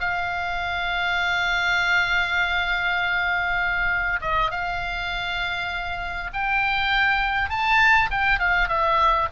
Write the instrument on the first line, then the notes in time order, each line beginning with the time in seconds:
oboe
0.00 F5
4.21 D#5
4.51 F5
6.34 G5
7.50 A5
8.11 G5
8.39 F5
8.69 E5